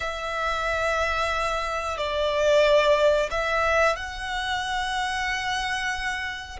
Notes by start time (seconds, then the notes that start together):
0.00 E5
1.98 D5
3.30 E5
3.96 F#5